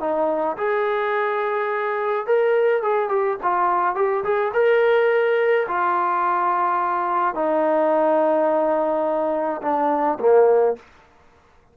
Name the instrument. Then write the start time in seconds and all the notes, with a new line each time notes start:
trombone
0.00 D#4
0.57 G#4
2.27 A#4
2.82 G#4
3.09 G4
3.43 F4
3.95 G4
4.24 G#4
4.54 A#4
5.68 F4
7.35 D#4
9.62 D4
10.19 A#3